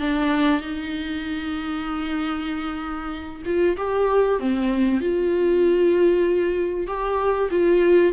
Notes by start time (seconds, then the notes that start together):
0.00 D4
0.61 D#4
3.46 F4
3.77 G4
4.39 C4
5.01 F4
6.87 G4
7.51 F4